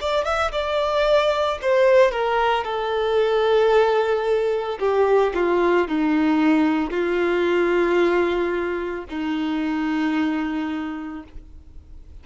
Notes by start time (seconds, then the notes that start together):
0.00 D5
0.24 E5
0.51 D5
1.62 C5
2.11 A#4
2.63 A4
4.79 G4
5.34 F4
5.87 D#4
6.90 F4
9.09 D#4